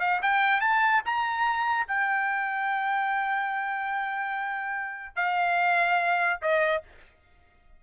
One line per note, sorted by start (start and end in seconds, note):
0.00 0.21 F5
0.23 0.61 G5
0.61 1.02 A5
1.06 1.87 A#5
1.87 5.16 G5
5.16 6.40 F5
6.42 6.83 D#5